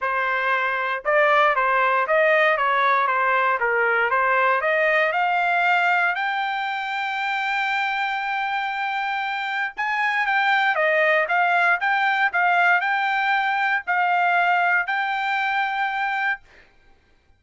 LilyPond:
\new Staff \with { instrumentName = "trumpet" } { \time 4/4 \tempo 4 = 117 c''2 d''4 c''4 | dis''4 cis''4 c''4 ais'4 | c''4 dis''4 f''2 | g''1~ |
g''2. gis''4 | g''4 dis''4 f''4 g''4 | f''4 g''2 f''4~ | f''4 g''2. | }